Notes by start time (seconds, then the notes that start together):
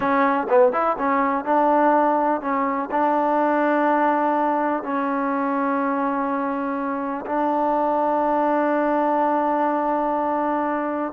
0.00 C#4
0.49 B3
0.72 E4
0.98 C#4
1.44 D4
2.41 C#4
2.91 D4
4.83 C#4
7.25 D4